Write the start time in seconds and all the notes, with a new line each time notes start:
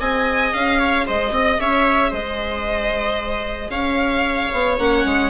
0.00 C4 G#4 D#5 G#5
0.54 C#4 F5
0.79 C#5
1.06 G#3 C5 D#5
1.31 C4 D#5
1.60 C#4 C#5 E5
2.10 G#3 C5 D#5
3.70 C#4 C#5 F5
4.53 B3
4.79 A#3 C#4 F#5
5.06 G#3